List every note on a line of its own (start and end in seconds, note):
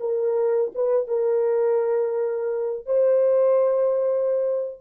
0.00 0.71 A#4
0.75 1.07 B4
1.07 2.86 A#4
2.86 4.81 C5